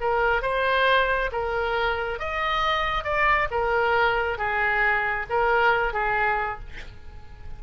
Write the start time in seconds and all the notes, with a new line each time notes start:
0.00 A#4
0.42 C5
1.32 A#4
2.19 D#5
3.04 D5
3.50 A#4
4.37 G#4
5.29 A#4
5.93 G#4